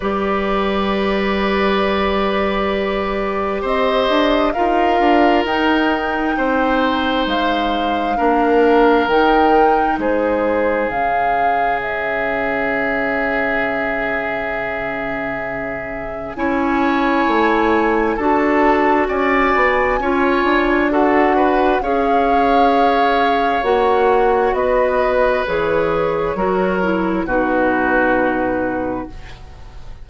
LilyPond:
<<
  \new Staff \with { instrumentName = "flute" } { \time 4/4 \tempo 4 = 66 d''1 | dis''4 f''4 g''2 | f''2 g''4 c''4 | f''4 e''2.~ |
e''2 gis''2 | a''4 gis''2 fis''4 | f''2 fis''4 dis''4 | cis''2 b'2 | }
  \new Staff \with { instrumentName = "oboe" } { \time 4/4 b'1 | c''4 ais'2 c''4~ | c''4 ais'2 gis'4~ | gis'1~ |
gis'2 cis''2 | a'4 d''4 cis''4 a'8 b'8 | cis''2. b'4~ | b'4 ais'4 fis'2 | }
  \new Staff \with { instrumentName = "clarinet" } { \time 4/4 g'1~ | g'4 f'4 dis'2~ | dis'4 d'4 dis'2 | cis'1~ |
cis'2 e'2 | fis'2 f'4 fis'4 | gis'2 fis'2 | gis'4 fis'8 e'8 dis'2 | }
  \new Staff \with { instrumentName = "bassoon" } { \time 4/4 g1 | c'8 d'8 dis'8 d'8 dis'4 c'4 | gis4 ais4 dis4 gis4 | cis1~ |
cis2 cis'4 a4 | d'4 cis'8 b8 cis'8 d'4. | cis'2 ais4 b4 | e4 fis4 b,2 | }
>>